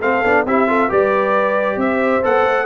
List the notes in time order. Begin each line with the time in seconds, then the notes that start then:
0.00 A3 C4 A4 F5
0.24 B3 D4
0.45 C4 E4 G4 E5
0.67 F4 A4
0.88 G3 G4 B4 D5
1.76 C4 C5 E5
2.23 B3 A4 F#5
2.45 A3